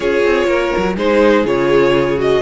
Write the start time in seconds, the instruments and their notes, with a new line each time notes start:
0.00 cello C#4, viola F4, violin G#4 C#5
0.24 cello C4
0.46 cello A#3, violin A#4
0.77 cello F#3
0.96 cello G#3, viola D#4, violin G#4 C5
1.44 cello C#3, viola F4, violin C#5
2.17 viola F#4, violin D#5